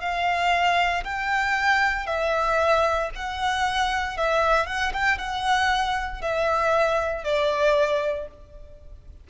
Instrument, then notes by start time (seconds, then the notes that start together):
violin
0.00 F5
1.04 G5
2.06 E5
3.15 F#5
4.17 E5
4.66 F#5
4.93 G5
5.18 F#5
6.21 E5
7.24 D5